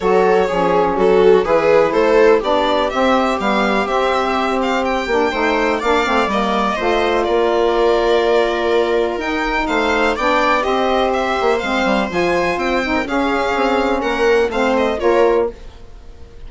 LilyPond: <<
  \new Staff \with { instrumentName = "violin" } { \time 4/4 \tempo 4 = 124 cis''2 a'4 b'4 | c''4 d''4 e''4 f''4 | e''4. f''8 g''2 | f''4 dis''2 d''4~ |
d''2. g''4 | f''4 g''4 dis''4 e''4 | f''4 gis''4 g''4 f''4~ | f''4 fis''4 f''8 dis''8 cis''4 | }
  \new Staff \with { instrumentName = "viola" } { \time 4/4 a'4 gis'4 fis'4 gis'4 | a'4 g'2.~ | g'2. c''4 | d''2 c''4 ais'4~ |
ais'1 | c''4 d''4 c''2~ | c''2~ c''8. ais'16 gis'4~ | gis'4 ais'4 c''4 ais'4 | }
  \new Staff \with { instrumentName = "saxophone" } { \time 4/4 fis'4 cis'2 e'4~ | e'4 d'4 c'4 b4 | c'2~ c'8 d'8 dis'4 | d'8 c'8 ais4 f'2~ |
f'2. dis'4~ | dis'4 d'4 g'2 | c'4 f'4. dis'8 cis'4~ | cis'2 c'4 f'4 | }
  \new Staff \with { instrumentName = "bassoon" } { \time 4/4 fis4 f4 fis4 e4 | a4 b4 c'4 g4 | c'2~ c'8 ais8 a4 | ais8 a8 g4 a4 ais4~ |
ais2. dis'4 | a4 b4 c'4. ais8 | gis8 g8 f4 c'4 cis'4 | c'4 ais4 a4 ais4 | }
>>